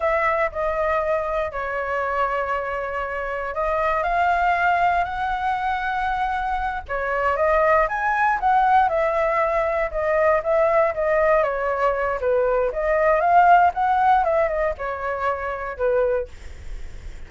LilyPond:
\new Staff \with { instrumentName = "flute" } { \time 4/4 \tempo 4 = 118 e''4 dis''2 cis''4~ | cis''2. dis''4 | f''2 fis''2~ | fis''4. cis''4 dis''4 gis''8~ |
gis''8 fis''4 e''2 dis''8~ | dis''8 e''4 dis''4 cis''4. | b'4 dis''4 f''4 fis''4 | e''8 dis''8 cis''2 b'4 | }